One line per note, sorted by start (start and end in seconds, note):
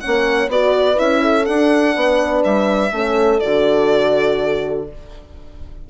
0.00 0.50 C#4
0.00 0.50 C#5
0.00 0.48 F#5
0.07 0.48 A#3
0.48 0.97 B3
0.48 0.95 F#4
0.48 1.21 B4
0.48 0.99 D5
0.95 1.48 C#4
0.95 1.43 E4
0.95 1.45 E5
1.21 1.94 A4
1.45 1.96 D4
1.45 2.92 D4
1.45 2.42 F#5
1.96 2.44 B3
1.96 2.93 B4
2.44 2.92 G3
2.44 3.39 E5
2.92 3.40 A3
2.92 3.41 C#4
2.92 4.88 A4
3.39 4.90 D3
3.39 4.87 F#4
3.39 4.84 D5